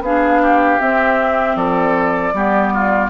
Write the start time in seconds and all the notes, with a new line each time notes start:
0.00 B3 D4 G#4 F5
0.42 G4
0.80 C4 E5
1.55 F3 A4 D5
2.33 G3 B3 G4
2.73 F4